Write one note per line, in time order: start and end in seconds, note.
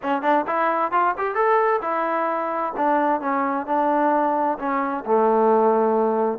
0.02 0.22 C#4
0.22 0.45 D4
0.46 0.91 E4
0.91 1.14 F4
1.17 1.34 G4
1.34 1.80 A4
1.81 2.73 E4
2.76 3.20 D4
3.20 3.66 C#4
3.66 4.58 D4
4.58 5.04 C#4
5.05 6.38 A3